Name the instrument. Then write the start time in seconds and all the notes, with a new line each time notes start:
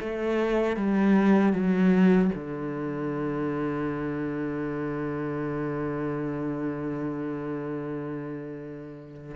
cello
0.00 A3
0.76 G3
1.53 F#3
2.34 D3